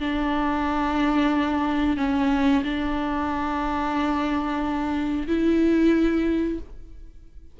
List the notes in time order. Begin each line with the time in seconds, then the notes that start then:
0.00 D4
1.97 C#4
2.63 D4
5.27 E4